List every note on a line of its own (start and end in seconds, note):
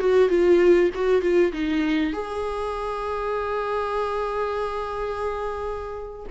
0.00 0.29 F#4
0.29 0.91 F4
0.95 1.22 F#4
1.22 1.53 F4
1.53 2.13 D#4
2.13 6.27 G#4